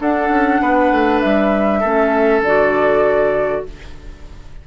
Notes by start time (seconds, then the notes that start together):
0.00 D4 A4 F#5
0.29 C#4
0.60 B3 B4
0.91 A3
1.20 G3 E5
1.79 A3 C#4 A4
2.40 D3 F#4 D5